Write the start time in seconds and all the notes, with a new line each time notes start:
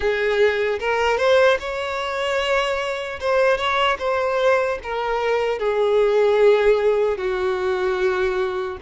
0.00 G#4
0.79 A#4
1.17 C5
1.59 C#5
3.20 C5
3.57 C#5
3.98 C5
4.83 A#4
5.58 G#4
7.17 F#4